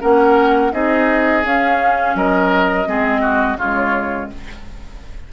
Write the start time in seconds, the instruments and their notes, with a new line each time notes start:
0.00 bassoon A#3, clarinet C#4, oboe A#4, flute F#5
0.72 bassoon C4, clarinet D#4, oboe G#4, flute D#5
1.43 clarinet C#4, bassoon C#4, flute F5
2.15 bassoon F#3, oboe A#4, flute D#5
2.86 bassoon G#3, clarinet C4, oboe G#4
3.21 oboe F#4
3.56 bassoon C#3, clarinet G#3, oboe F4, flute C#5